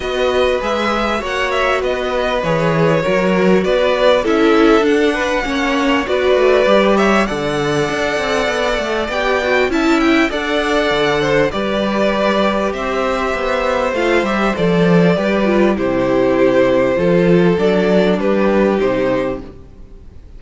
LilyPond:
<<
  \new Staff \with { instrumentName = "violin" } { \time 4/4 \tempo 4 = 99 dis''4 e''4 fis''8 e''8 dis''4 | cis''2 d''4 e''4 | fis''2 d''4. e''8 | fis''2. g''4 |
a''8 g''8 fis''2 d''4~ | d''4 e''2 f''8 e''8 | d''2 c''2~ | c''4 d''4 b'4 c''4 | }
  \new Staff \with { instrumentName = "violin" } { \time 4/4 b'2 cis''4 b'4~ | b'4 ais'4 b'4 a'4~ | a'8 b'8 cis''4 b'4. cis''8 | d''1 |
e''4 d''4. c''8 b'4~ | b'4 c''2.~ | c''4 b'4 g'2 | a'2 g'2 | }
  \new Staff \with { instrumentName = "viola" } { \time 4/4 fis'4 gis'4 fis'2 | gis'4 fis'2 e'4 | d'4 cis'4 fis'4 g'4 | a'2. g'8 fis'8 |
e'4 a'2 g'4~ | g'2. f'8 g'8 | a'4 g'8 f'8 e'2 | f'4 d'2 dis'4 | }
  \new Staff \with { instrumentName = "cello" } { \time 4/4 b4 gis4 ais4 b4 | e4 fis4 b4 cis'4 | d'4 ais4 b8 a8 g4 | d4 d'8 c'8 b8 a8 b4 |
cis'4 d'4 d4 g4~ | g4 c'4 b4 a8 g8 | f4 g4 c2 | f4 fis4 g4 c4 | }
>>